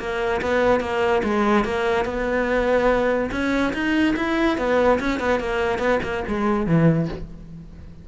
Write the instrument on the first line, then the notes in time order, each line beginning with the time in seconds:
cello
0.00 A#3
0.42 B3
0.81 A#3
1.24 G#3
1.65 A#3
2.06 B3
3.32 C#4
3.74 D#4
4.17 E4
4.58 B3
5.00 C#4
5.20 B3
5.40 A#3
5.79 B3
6.03 A#3
6.28 G#3
6.67 E3